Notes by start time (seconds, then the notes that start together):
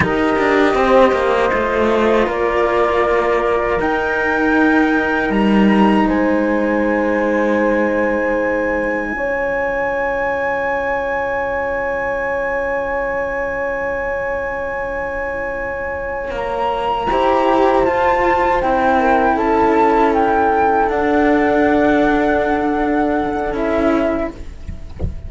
0.00 D#4 G4 A#4 D#5
0.38 D4
0.74 C4 C5
1.12 A#3
1.49 A3 F4
2.26 A#3 A#4 D5
3.79 D#4 G5
5.29 G3 A#5
6.07 G#3 C5 G#5
9.12 C#4 F4 C#5
16.31 A#3 A#5
17.09 E4 G4 C5
17.84 F4 A5
18.61 C4 E4 G5
18.99 A#4
19.34 C#4 A4 A5
20.13 G5
20.87 D4 F#5
23.52 C#4 E4 E5